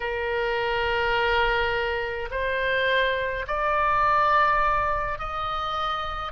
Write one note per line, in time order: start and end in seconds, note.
0.00 2.29 A#4
2.30 3.46 C5
3.47 5.18 D5
5.18 6.31 D#5